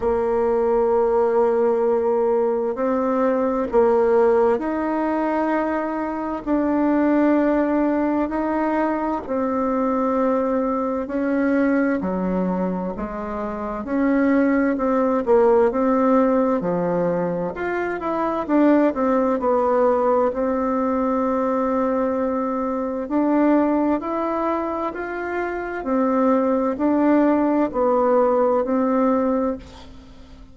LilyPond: \new Staff \with { instrumentName = "bassoon" } { \time 4/4 \tempo 4 = 65 ais2. c'4 | ais4 dis'2 d'4~ | d'4 dis'4 c'2 | cis'4 fis4 gis4 cis'4 |
c'8 ais8 c'4 f4 f'8 e'8 | d'8 c'8 b4 c'2~ | c'4 d'4 e'4 f'4 | c'4 d'4 b4 c'4 | }